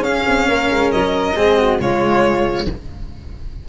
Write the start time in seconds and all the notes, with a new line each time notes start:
0.00 C#4 G#4 F5
0.27 C4
0.48 A#3 A#4
0.70 G#3
0.92 F#3 D#5
1.36 G#3 C4 G#4
1.57 F#4
1.79 C#3 G#3 F4 C#5